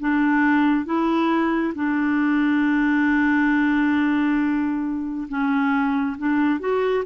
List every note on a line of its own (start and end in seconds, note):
0.00 0.86 D4
0.86 1.74 E4
1.76 5.29 D4
5.29 6.17 C#4
6.18 6.61 D4
6.61 7.05 F#4